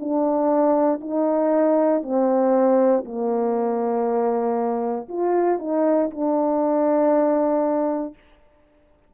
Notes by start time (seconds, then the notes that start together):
0.00 D4
1.01 D#4
2.02 C4
3.05 A#3
5.08 F4
5.59 D#4
6.11 D4